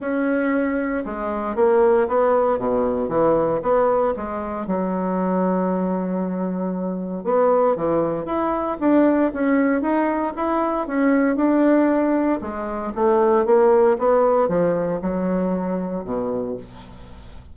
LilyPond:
\new Staff \with { instrumentName = "bassoon" } { \time 4/4 \tempo 4 = 116 cis'2 gis4 ais4 | b4 b,4 e4 b4 | gis4 fis2.~ | fis2 b4 e4 |
e'4 d'4 cis'4 dis'4 | e'4 cis'4 d'2 | gis4 a4 ais4 b4 | f4 fis2 b,4 | }